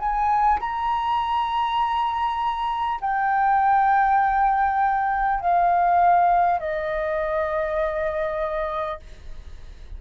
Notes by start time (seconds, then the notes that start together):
0.00 G#5
0.61 A#5
3.01 G5
5.41 F5
6.59 D#5